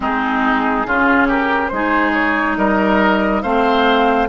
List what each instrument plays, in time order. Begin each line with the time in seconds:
0.00 bassoon G#3, clarinet C4, oboe D#4, flute G#4
0.86 bassoon C#3, clarinet C#4, oboe F4
1.27 oboe G4, flute A#4
1.68 bassoon G#3, clarinet D#4, flute C5
1.74 oboe G#4
2.13 flute C#5
2.56 bassoon G3, oboe A#4, flute D#5
3.41 bassoon A3, clarinet C4, oboe C5, flute F5